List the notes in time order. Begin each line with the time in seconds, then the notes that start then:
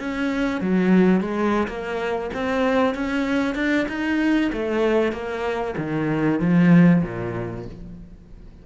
0.00 C#4
0.62 F#3
1.21 G#3
1.68 A#3
2.34 C4
2.95 C#4
3.56 D4
3.89 D#4
4.53 A3
5.12 A#3
5.78 D#3
6.41 F3
7.04 A#2